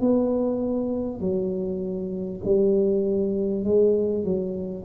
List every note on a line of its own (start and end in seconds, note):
0.00 1.20 B3
1.20 2.40 F#3
2.44 3.64 G3
3.64 4.24 G#3
4.24 4.84 F#3